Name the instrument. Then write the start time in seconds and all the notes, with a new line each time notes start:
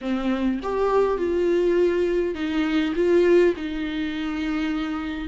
viola
0.01 C4
0.62 G4
1.17 F4
2.34 D#4
2.95 F4
3.56 D#4